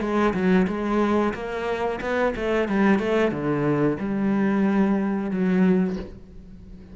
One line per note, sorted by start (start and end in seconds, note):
0.00 0.33 G#3
0.34 0.67 F#3
0.67 1.33 G#3
1.34 2.00 A#3
2.01 2.34 B3
2.36 2.68 A3
2.68 2.99 G3
2.99 3.31 A3
3.31 3.97 D3
3.99 5.30 G3
5.30 5.96 F#3